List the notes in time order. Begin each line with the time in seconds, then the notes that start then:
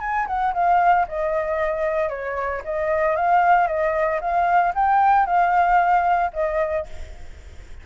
0.00 G#5
0.27 F#5
0.54 F5
1.08 D#5
2.09 C#5
2.64 D#5
3.16 F5
3.67 D#5
4.21 F5
4.75 G5
5.26 F5
6.33 D#5